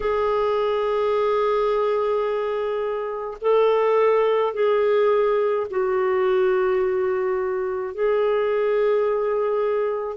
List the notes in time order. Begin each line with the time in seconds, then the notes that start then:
0.00 G#4
3.41 A4
4.53 G#4
5.70 F#4
7.94 G#4